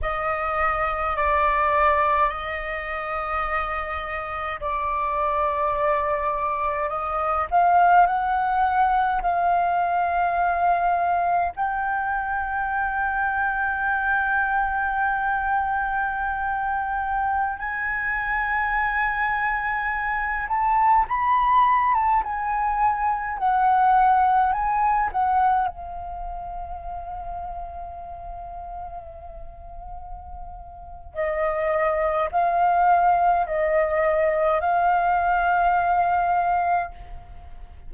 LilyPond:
\new Staff \with { instrumentName = "flute" } { \time 4/4 \tempo 4 = 52 dis''4 d''4 dis''2 | d''2 dis''8 f''8 fis''4 | f''2 g''2~ | g''2.~ g''16 gis''8.~ |
gis''4.~ gis''16 a''8 b''8. a''16 gis''8.~ | gis''16 fis''4 gis''8 fis''8 f''4.~ f''16~ | f''2. dis''4 | f''4 dis''4 f''2 | }